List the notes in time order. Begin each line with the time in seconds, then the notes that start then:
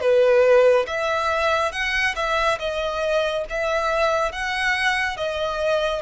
0.00 B4
0.86 E5
1.72 F#5
2.15 E5
2.59 D#5
3.49 E5
4.32 F#5
5.17 D#5